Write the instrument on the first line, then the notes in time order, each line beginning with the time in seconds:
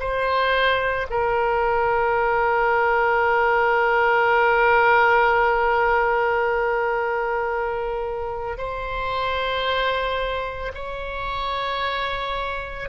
oboe
0.00 C5
1.10 A#4
8.58 C5
10.75 C#5